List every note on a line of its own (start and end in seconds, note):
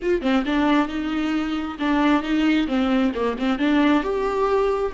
0.02 0.21 F4
0.21 0.44 C4
0.45 0.88 D4
0.88 1.77 D#4
1.79 2.22 D4
2.22 2.67 D#4
2.67 3.12 C4
3.14 3.37 A#3
3.38 3.58 C4
3.58 4.03 D4
4.03 4.92 G4